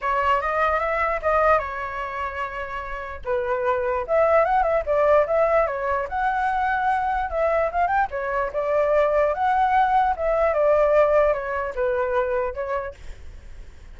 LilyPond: \new Staff \with { instrumentName = "flute" } { \time 4/4 \tempo 4 = 148 cis''4 dis''4 e''4 dis''4 | cis''1 | b'2 e''4 fis''8 e''8 | d''4 e''4 cis''4 fis''4~ |
fis''2 e''4 f''8 g''8 | cis''4 d''2 fis''4~ | fis''4 e''4 d''2 | cis''4 b'2 cis''4 | }